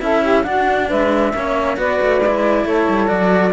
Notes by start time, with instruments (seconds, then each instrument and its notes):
0.00 cello C#4 E4, saxophone A4, flute E5
0.22 saxophone G4
0.44 cello D4, saxophone F#4, flute F#5
0.88 cello G#3, saxophone B4, flute E5
1.34 cello A#3 C#4, saxophone C#5
1.77 cello B3 F#4, saxophone B4, flute D5
2.01 cello A3
2.21 cello G#3 E4
2.65 cello A3, saxophone A4, flute C#5
2.88 cello G3
3.08 cello F#3 F#4, flute D5